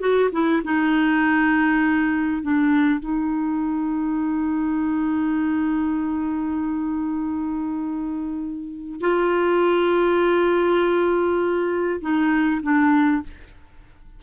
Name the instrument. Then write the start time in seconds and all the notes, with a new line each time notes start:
clarinet
0.00 F#4
0.32 E4
0.65 D#4
2.43 D4
3.00 D#4
9.01 F4
12.01 D#4
12.63 D4